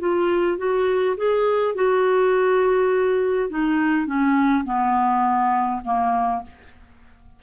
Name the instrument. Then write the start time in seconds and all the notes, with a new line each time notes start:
clarinet
0.00 F4
0.58 F#4
1.17 G#4
1.75 F#4
3.50 D#4
4.06 C#4
4.65 B3
5.85 A#3